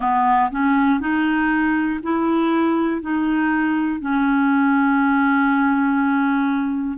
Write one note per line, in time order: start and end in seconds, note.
0.00 0.50 B3
0.50 1.00 C#4
1.00 2.00 D#4
2.02 3.01 E4
3.01 4.00 D#4
4.00 6.98 C#4